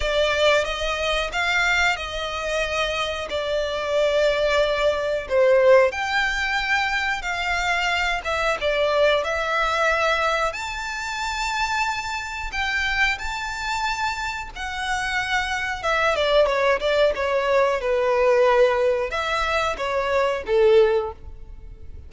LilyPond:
\new Staff \with { instrumentName = "violin" } { \time 4/4 \tempo 4 = 91 d''4 dis''4 f''4 dis''4~ | dis''4 d''2. | c''4 g''2 f''4~ | f''8 e''8 d''4 e''2 |
a''2. g''4 | a''2 fis''2 | e''8 d''8 cis''8 d''8 cis''4 b'4~ | b'4 e''4 cis''4 a'4 | }